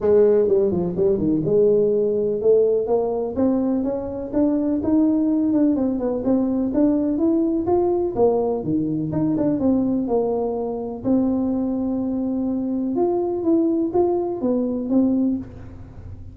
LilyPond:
\new Staff \with { instrumentName = "tuba" } { \time 4/4 \tempo 4 = 125 gis4 g8 f8 g8 dis8 gis4~ | gis4 a4 ais4 c'4 | cis'4 d'4 dis'4. d'8 | c'8 b8 c'4 d'4 e'4 |
f'4 ais4 dis4 dis'8 d'8 | c'4 ais2 c'4~ | c'2. f'4 | e'4 f'4 b4 c'4 | }